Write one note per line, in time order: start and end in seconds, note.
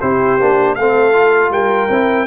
0.00 0.39 C4
0.00 0.39 E4
0.00 0.75 G4
0.00 0.74 C5
0.39 0.75 A#3
0.39 0.77 D4
0.74 1.50 A3
0.74 1.12 C4
0.74 1.51 A4
0.74 1.50 F5
1.12 1.88 F4
1.50 1.88 G3
1.50 2.27 A#4
1.50 2.27 G5
1.89 2.27 C4
1.89 2.27 E4